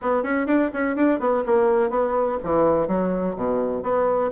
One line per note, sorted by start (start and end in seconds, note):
0.01 0.23 B3
0.23 0.46 C#4
0.46 0.70 D4
0.73 0.95 C#4
0.95 1.19 D4
1.19 1.43 B3
1.46 1.89 A#3
1.89 2.37 B3
2.43 2.87 E3
2.87 3.35 F#3
3.35 3.82 B2
3.82 4.30 B3